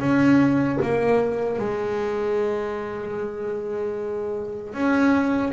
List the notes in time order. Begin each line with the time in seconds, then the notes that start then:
0.00 C#4
0.83 A#3
1.59 G#3
4.74 C#4